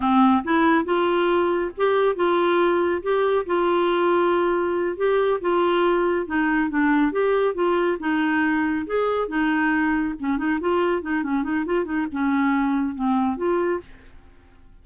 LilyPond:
\new Staff \with { instrumentName = "clarinet" } { \time 4/4 \tempo 4 = 139 c'4 e'4 f'2 | g'4 f'2 g'4 | f'2.~ f'8 g'8~ | g'8 f'2 dis'4 d'8~ |
d'8 g'4 f'4 dis'4.~ | dis'8 gis'4 dis'2 cis'8 | dis'8 f'4 dis'8 cis'8 dis'8 f'8 dis'8 | cis'2 c'4 f'4 | }